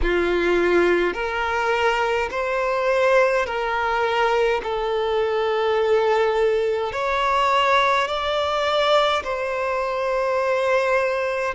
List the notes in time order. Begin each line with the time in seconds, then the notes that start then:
0.02 F4
1.13 A#4
2.31 C5
3.46 A#4
4.63 A4
6.92 C#5
8.07 D5
9.23 C5